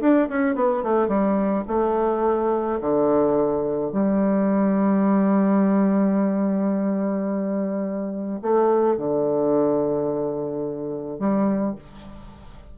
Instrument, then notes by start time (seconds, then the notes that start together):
bassoon
0.00 D4
0.29 C#4
0.55 B3
0.83 A3
1.08 G3
1.67 A3
2.81 D3
3.92 G3
8.42 A3
8.97 D3
11.19 G3